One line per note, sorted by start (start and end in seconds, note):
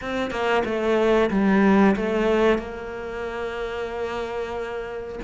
0.01 0.30 C4
0.30 0.63 A#3
0.65 1.30 A3
1.30 1.95 G3
1.96 2.58 A3
2.58 5.19 A#3